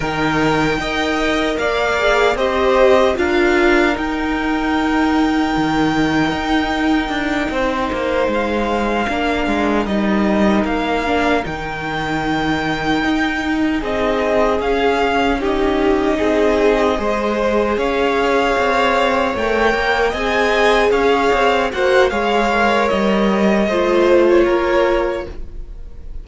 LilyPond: <<
  \new Staff \with { instrumentName = "violin" } { \time 4/4 \tempo 4 = 76 g''2 f''4 dis''4 | f''4 g''2.~ | g''2~ g''8 f''4.~ | f''8 dis''4 f''4 g''4.~ |
g''4. dis''4 f''4 dis''8~ | dis''2~ dis''8 f''4.~ | f''8 g''4 gis''4 f''4 fis''8 | f''4 dis''4.~ dis''16 cis''4~ cis''16 | }
  \new Staff \with { instrumentName = "violin" } { \time 4/4 ais'4 dis''4 d''4 c''4 | ais'1~ | ais'4. c''2 ais'8~ | ais'1~ |
ais'4. gis'2 g'8~ | g'8 gis'4 c''4 cis''4.~ | cis''4. dis''4 cis''4 c''8 | cis''2 c''4 ais'4 | }
  \new Staff \with { instrumentName = "viola" } { \time 4/4 dis'4 ais'4. gis'8 g'4 | f'4 dis'2.~ | dis'2.~ dis'8 d'8~ | d'8 dis'4. d'8 dis'4.~ |
dis'2~ dis'8 cis'4 dis'8~ | dis'4. gis'2~ gis'8~ | gis'8 ais'4 gis'2 fis'8 | gis'8 ais'4. f'2 | }
  \new Staff \with { instrumentName = "cello" } { \time 4/4 dis4 dis'4 ais4 c'4 | d'4 dis'2 dis4 | dis'4 d'8 c'8 ais8 gis4 ais8 | gis8 g4 ais4 dis4.~ |
dis8 dis'4 c'4 cis'4.~ | cis'8 c'4 gis4 cis'4 c'8~ | c'8 a8 ais8 c'4 cis'8 c'8 ais8 | gis4 g4 a4 ais4 | }
>>